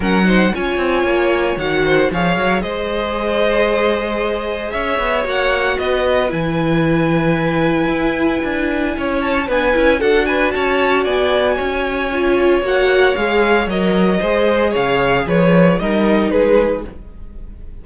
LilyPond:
<<
  \new Staff \with { instrumentName = "violin" } { \time 4/4 \tempo 4 = 114 fis''4 gis''2 fis''4 | f''4 dis''2.~ | dis''4 e''4 fis''4 dis''4 | gis''1~ |
gis''4. a''8 gis''4 fis''8 gis''8 | a''4 gis''2. | fis''4 f''4 dis''2 | f''4 cis''4 dis''4 b'4 | }
  \new Staff \with { instrumentName = "violin" } { \time 4/4 ais'8 c''8 cis''2~ cis''8 c''8 | cis''4 c''2.~ | c''4 cis''2 b'4~ | b'1~ |
b'4 cis''4 b'4 a'8 b'8 | cis''4 d''4 cis''2~ | cis''2. c''4 | cis''4 b'4 ais'4 gis'4 | }
  \new Staff \with { instrumentName = "viola" } { \time 4/4 cis'8 dis'8 f'2 fis'4 | gis'1~ | gis'2 fis'2 | e'1~ |
e'2 d'8 e'8 fis'4~ | fis'2. f'4 | fis'4 gis'4 ais'4 gis'4~ | gis'2 dis'2 | }
  \new Staff \with { instrumentName = "cello" } { \time 4/4 fis4 cis'8 c'8 ais4 dis4 | f8 fis8 gis2.~ | gis4 cis'8 b8 ais4 b4 | e2. e'4 |
d'4 cis'4 b8 cis'8 d'4 | cis'4 b4 cis'2 | ais4 gis4 fis4 gis4 | cis4 f4 g4 gis4 | }
>>